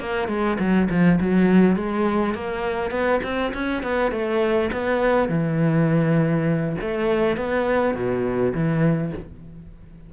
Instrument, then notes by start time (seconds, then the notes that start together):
cello
0.00 A#3
0.28 G#3
0.59 F#3
0.90 F3
1.21 F#3
1.76 G#3
2.34 A#3
2.91 B3
3.23 C4
3.54 C#4
3.83 B3
4.11 A3
4.72 B3
5.29 E3
6.82 A3
7.37 B3
7.94 B2
8.54 E3